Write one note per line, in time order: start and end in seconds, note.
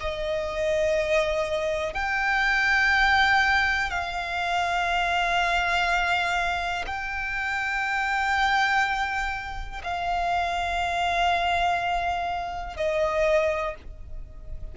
0.00 1.94 D#5
1.94 3.90 G5
3.90 6.85 F5
6.86 9.81 G5
9.84 12.76 F5
12.76 13.75 D#5